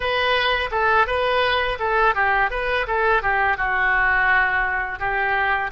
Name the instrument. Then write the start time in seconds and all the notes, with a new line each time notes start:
oboe
0.00 B4
0.71 A4
1.06 B4
1.79 A4
2.14 G4
2.50 B4
2.87 A4
3.22 G4
3.57 F#4
4.99 G4